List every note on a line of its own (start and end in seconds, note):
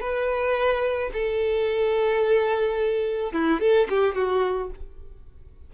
0.00 1.10 B4
1.13 3.33 A4
3.33 3.60 E4
3.60 3.87 A4
3.89 4.15 G4
4.15 4.70 F#4